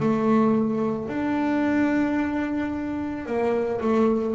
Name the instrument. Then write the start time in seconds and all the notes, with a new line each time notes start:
double bass
0.00 A3
1.08 D4
3.26 A#3
3.81 A3